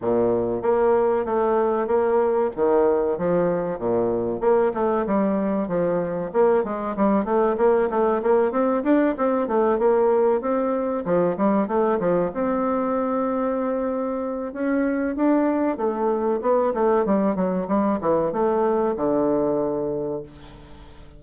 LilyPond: \new Staff \with { instrumentName = "bassoon" } { \time 4/4 \tempo 4 = 95 ais,4 ais4 a4 ais4 | dis4 f4 ais,4 ais8 a8 | g4 f4 ais8 gis8 g8 a8 | ais8 a8 ais8 c'8 d'8 c'8 a8 ais8~ |
ais8 c'4 f8 g8 a8 f8 c'8~ | c'2. cis'4 | d'4 a4 b8 a8 g8 fis8 | g8 e8 a4 d2 | }